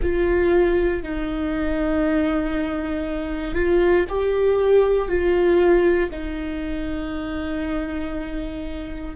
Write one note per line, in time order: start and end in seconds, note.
0.02 1.02 F4
1.02 3.54 D#4
3.54 4.04 F4
4.09 5.08 G4
5.08 6.10 F4
6.11 9.15 D#4